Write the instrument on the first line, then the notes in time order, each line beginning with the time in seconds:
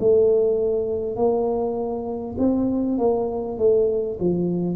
tuba
0.00 A3
1.16 A#3
2.38 C4
2.99 A#3
3.58 A3
4.20 F3